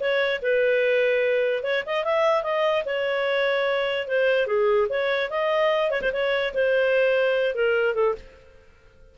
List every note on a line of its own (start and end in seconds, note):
0.00 0.41 C#5
0.42 1.63 B4
1.63 1.84 C#5
1.86 2.04 D#5
2.04 2.43 E5
2.43 2.84 D#5
2.86 4.08 C#5
4.08 4.47 C5
4.47 4.88 G#4
4.89 5.30 C#5
5.30 5.91 D#5
5.91 6.01 C#5
6.02 6.12 C5
6.13 6.54 C#5
6.54 7.55 C5
7.55 7.94 A#4
7.94 8.15 A4